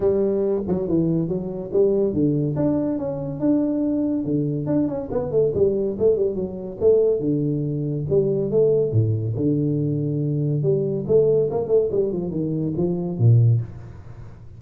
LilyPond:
\new Staff \with { instrumentName = "tuba" } { \time 4/4 \tempo 4 = 141 g4. fis8 e4 fis4 | g4 d4 d'4 cis'4 | d'2 d4 d'8 cis'8 | b8 a8 g4 a8 g8 fis4 |
a4 d2 g4 | a4 a,4 d2~ | d4 g4 a4 ais8 a8 | g8 f8 dis4 f4 ais,4 | }